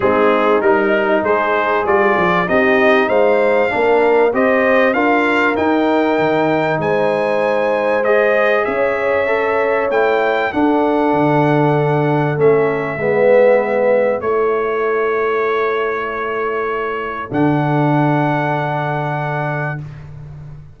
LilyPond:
<<
  \new Staff \with { instrumentName = "trumpet" } { \time 4/4 \tempo 4 = 97 gis'4 ais'4 c''4 d''4 | dis''4 f''2 dis''4 | f''4 g''2 gis''4~ | gis''4 dis''4 e''2 |
g''4 fis''2. | e''2. cis''4~ | cis''1 | fis''1 | }
  \new Staff \with { instrumentName = "horn" } { \time 4/4 dis'2 gis'2 | g'4 c''4 ais'4 c''4 | ais'2. c''4~ | c''2 cis''2~ |
cis''4 a'2.~ | a'4 b'2 a'4~ | a'1~ | a'1 | }
  \new Staff \with { instrumentName = "trombone" } { \time 4/4 c'4 dis'2 f'4 | dis'2 d'4 g'4 | f'4 dis'2.~ | dis'4 gis'2 a'4 |
e'4 d'2. | cis'4 b2 e'4~ | e'1 | d'1 | }
  \new Staff \with { instrumentName = "tuba" } { \time 4/4 gis4 g4 gis4 g8 f8 | c'4 gis4 ais4 c'4 | d'4 dis'4 dis4 gis4~ | gis2 cis'2 |
a4 d'4 d2 | a4 gis2 a4~ | a1 | d1 | }
>>